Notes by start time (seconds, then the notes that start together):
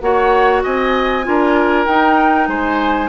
0.00 A#3 F#4 C#5 F#5
0.64 C4 D#5 G#5
1.23 D4 F4 A#4
1.86 D#4 G5
2.48 G#3 C5 G#5